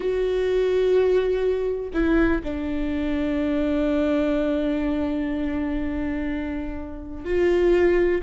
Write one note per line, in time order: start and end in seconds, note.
0.00 1.90 F#4
1.93 2.41 E4
2.43 7.24 D4
7.24 8.21 F4